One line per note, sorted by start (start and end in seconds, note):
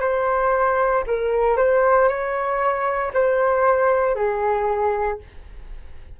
0.00 1.03 C5
1.07 1.57 A#4
1.57 2.08 C5
2.08 3.12 C#5
3.14 4.15 C5
4.15 5.19 G#4